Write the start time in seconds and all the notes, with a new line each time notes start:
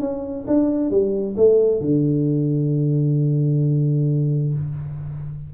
0.00 C#4
0.47 D4
0.90 G3
1.37 A3
1.81 D3